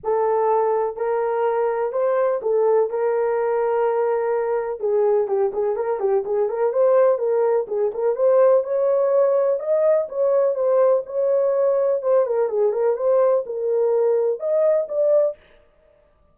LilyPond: \new Staff \with { instrumentName = "horn" } { \time 4/4 \tempo 4 = 125 a'2 ais'2 | c''4 a'4 ais'2~ | ais'2 gis'4 g'8 gis'8 | ais'8 g'8 gis'8 ais'8 c''4 ais'4 |
gis'8 ais'8 c''4 cis''2 | dis''4 cis''4 c''4 cis''4~ | cis''4 c''8 ais'8 gis'8 ais'8 c''4 | ais'2 dis''4 d''4 | }